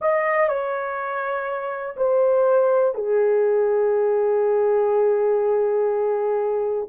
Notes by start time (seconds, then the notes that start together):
0.00 D#5
0.48 C#5
1.96 C5
2.95 G#4